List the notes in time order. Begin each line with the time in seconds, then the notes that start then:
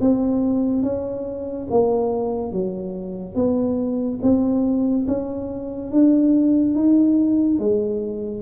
0.00 C4
0.83 C#4
1.70 A#3
2.52 F#3
3.35 B3
4.22 C4
5.07 C#4
5.92 D4
6.75 D#4
7.59 G#3